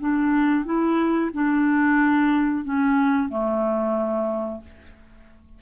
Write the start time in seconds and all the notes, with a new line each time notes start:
0.00 D4
0.65 E4
1.34 D4
2.64 C#4
3.29 A3